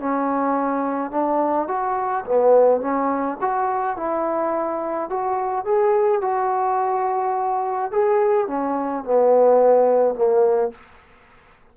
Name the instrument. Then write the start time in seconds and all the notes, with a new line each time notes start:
trombone
0.00 C#4
1.12 D4
1.69 F#4
2.26 B3
2.81 C#4
3.41 F#4
3.97 E4
5.10 F#4
5.65 G#4
6.22 F#4
7.92 G#4
8.48 C#4
9.05 B3
10.15 A#3